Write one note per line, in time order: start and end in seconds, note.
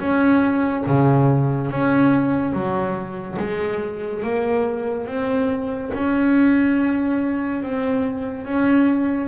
0.00 0.85 C#4
0.87 1.71 C#3
1.71 2.53 C#4
2.53 3.38 F#3
3.40 4.24 G#3
4.24 5.07 A#3
5.07 5.92 C4
5.95 7.63 C#4
7.63 8.46 C4
8.46 9.29 C#4